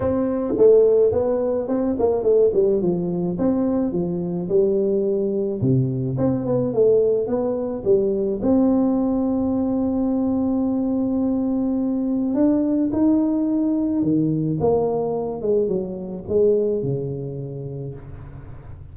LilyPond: \new Staff \with { instrumentName = "tuba" } { \time 4/4 \tempo 4 = 107 c'4 a4 b4 c'8 ais8 | a8 g8 f4 c'4 f4 | g2 c4 c'8 b8 | a4 b4 g4 c'4~ |
c'1~ | c'2 d'4 dis'4~ | dis'4 dis4 ais4. gis8 | fis4 gis4 cis2 | }